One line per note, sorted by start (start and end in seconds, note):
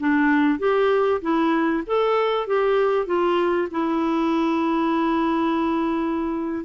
0.00 0.59 D4
0.59 1.21 G4
1.22 1.84 E4
1.87 2.47 A4
2.47 3.06 G4
3.06 3.68 F4
3.71 6.65 E4